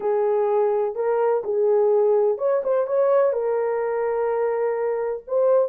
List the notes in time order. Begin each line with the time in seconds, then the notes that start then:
0.00 G#4
0.95 A#4
1.44 G#4
2.38 C#5
2.63 C5
2.86 C#5
3.32 A#4
5.27 C5